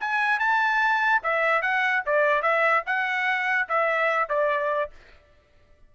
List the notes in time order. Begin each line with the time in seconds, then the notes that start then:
0.00 G#5
0.39 A5
1.23 E5
1.62 F#5
2.06 D5
2.42 E5
2.86 F#5
3.68 E5
4.29 D5